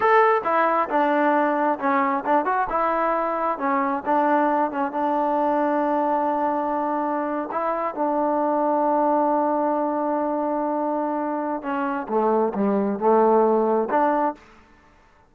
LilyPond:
\new Staff \with { instrumentName = "trombone" } { \time 4/4 \tempo 4 = 134 a'4 e'4 d'2 | cis'4 d'8 fis'8 e'2 | cis'4 d'4. cis'8 d'4~ | d'1~ |
d'8. e'4 d'2~ d'16~ | d'1~ | d'2 cis'4 a4 | g4 a2 d'4 | }